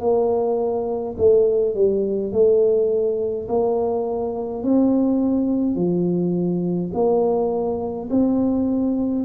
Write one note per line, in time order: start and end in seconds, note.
0.00 1.15 A#3
1.17 1.75 A3
1.75 2.32 G3
2.32 3.48 A3
3.48 4.63 A#3
4.63 5.75 C4
5.75 6.91 F3
6.94 8.09 A#3
8.10 9.25 C4